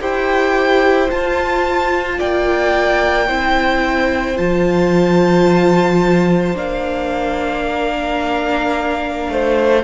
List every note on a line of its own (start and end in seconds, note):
0.00 1.10 E4
0.00 1.08 G4
0.00 2.18 C5
0.00 1.10 G5
1.08 3.26 F4
1.08 2.20 F4
1.08 2.19 A5
2.18 3.28 A#3
2.18 3.27 D5
2.18 4.37 G5
3.27 4.37 C4
3.27 4.36 E4
3.27 7.63 C5
4.36 6.55 F3
4.36 6.55 F4
4.36 6.55 A5
6.55 9.27 A#3
6.55 9.82 D4
6.55 9.83 F5
7.68 9.31 A#4
9.29 9.83 A3
9.29 9.83 C5